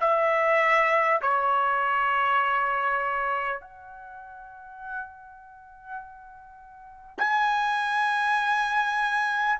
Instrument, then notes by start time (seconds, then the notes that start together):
trumpet
0.00 E5
1.21 C#5
3.60 F#5
7.17 G#5